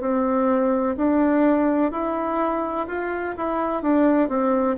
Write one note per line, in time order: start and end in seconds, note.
0.00 0.95 C4
0.97 1.91 D4
1.91 2.87 E4
2.87 3.35 F4
3.37 3.82 E4
3.82 4.28 D4
4.28 4.76 C4